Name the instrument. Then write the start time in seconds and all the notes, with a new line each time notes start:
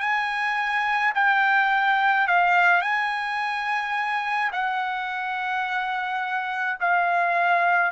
trumpet
0.00 G#5
1.15 G5
2.27 F5
2.81 G#5
4.53 F#5
6.80 F5